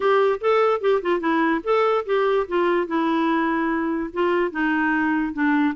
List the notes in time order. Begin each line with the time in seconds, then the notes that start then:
0.00 G4
0.40 A4
0.80 G4
1.02 F4
1.20 E4
1.63 A4
2.05 G4
2.48 F4
2.87 E4
4.13 F4
4.51 D#4
5.33 D4